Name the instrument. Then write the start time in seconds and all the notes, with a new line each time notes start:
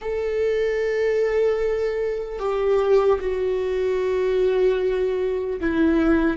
viola
0.01 A4
2.39 G4
3.20 F#4
5.60 E4